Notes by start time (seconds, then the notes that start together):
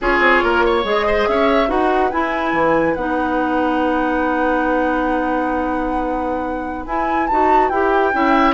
0.01 C#4 F4 G#4 C#5
0.19 C4
0.43 A#3 A#4
0.65 C#5
0.84 G#3 G#4 D#5
1.06 C5
1.28 C#4 C#5 E5
1.67 D#4 F#4 B4 F#5
2.11 E4 G#5
2.52 E3
2.94 B3 D#4 F#5
6.85 E4 G#5
7.27 D#4 F#4 A5
7.68 E4 G4 G5
8.13 C#4 E4 E5